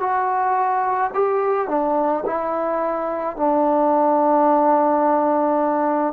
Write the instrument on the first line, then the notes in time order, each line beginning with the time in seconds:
trombone
0.00 F#4
1.14 G4
1.68 D4
2.26 E4
3.37 D4